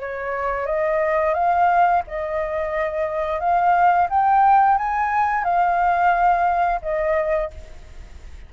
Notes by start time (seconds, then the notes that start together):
0.00 C#5
0.66 D#5
1.34 F5
2.07 D#5
3.40 F5
4.09 G5
4.77 G#5
5.44 F5
6.82 D#5